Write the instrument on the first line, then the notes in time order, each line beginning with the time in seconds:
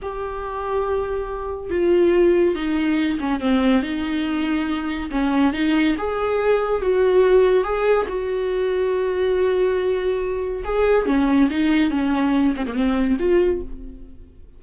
viola
0.01 G4
1.70 F4
2.55 D#4
3.19 C#4
3.40 C4
3.82 D#4
5.10 C#4
5.53 D#4
5.97 G#4
6.81 F#4
7.64 G#4
8.08 F#4
10.64 G#4
11.06 C#4
11.50 D#4
11.90 C#4
12.55 C4
12.66 A#3
12.74 C4
13.19 F4